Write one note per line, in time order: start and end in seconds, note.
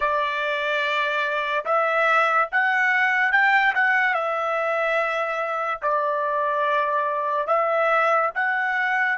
0.00 1.64 D5
1.65 2.48 E5
2.52 3.31 F#5
3.31 3.73 G5
3.74 4.14 F#5
4.14 5.80 E5
5.81 7.47 D5
7.47 8.30 E5
8.34 9.17 F#5